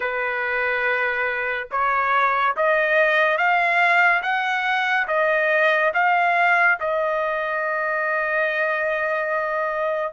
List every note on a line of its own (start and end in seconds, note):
0.00 1.67 B4
1.71 2.55 C#5
2.56 3.37 D#5
3.37 4.22 F5
4.22 5.07 F#5
5.07 5.92 D#5
5.93 6.78 F5
6.80 10.13 D#5